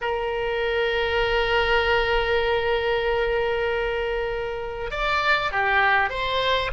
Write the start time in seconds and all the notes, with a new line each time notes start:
0.01 A#4
4.90 D5
5.51 G4
6.09 C5